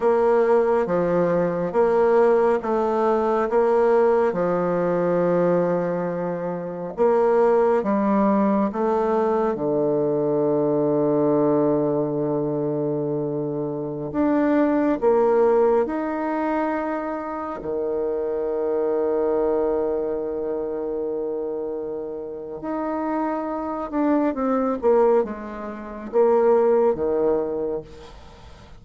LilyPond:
\new Staff \with { instrumentName = "bassoon" } { \time 4/4 \tempo 4 = 69 ais4 f4 ais4 a4 | ais4 f2. | ais4 g4 a4 d4~ | d1~ |
d16 d'4 ais4 dis'4.~ dis'16~ | dis'16 dis2.~ dis8.~ | dis2 dis'4. d'8 | c'8 ais8 gis4 ais4 dis4 | }